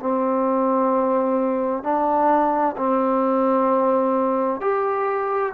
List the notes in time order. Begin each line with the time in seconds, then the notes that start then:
0.00 C4
1.83 D4
2.78 C4
4.61 G4